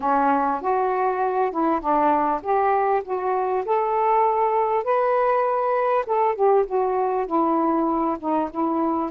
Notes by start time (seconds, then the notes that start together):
0.00 C#4
0.61 F#4
1.51 E4
1.80 D4
2.42 G4
3.04 F#4
3.65 A4
4.83 B4
6.06 A4
6.35 G4
6.66 F#4
7.26 E4
8.19 D#4
8.50 E4